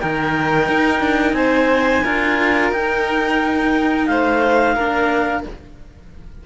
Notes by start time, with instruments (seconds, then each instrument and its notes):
0.00 cello D#3 D#4, violin A#4, clarinet G5
0.69 cello D#4
1.01 cello D4
1.33 cello C4, violin C5, clarinet G#5
2.04 cello D4 F4, violin A#4
2.71 cello D#4, clarinet G5
4.06 cello A3, violin C5, clarinet F5
4.75 cello A#3 D4, violin A#4